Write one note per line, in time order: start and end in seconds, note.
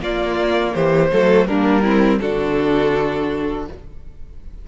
0.00 0.73 A#3
0.00 1.11 A#3
0.00 0.74 F4
0.00 0.74 D5
0.74 1.11 E3
0.74 1.11 G4
0.74 1.46 C5
1.12 1.46 F#3
1.12 1.49 A3
1.12 1.48 A4
1.46 2.20 G3
1.46 1.84 A#3
1.46 1.82 D4
1.46 2.19 A#4
1.82 2.21 C4
1.82 2.19 E4
2.20 3.68 D3
2.20 3.68 D4
2.20 3.68 F#4
2.20 3.66 A4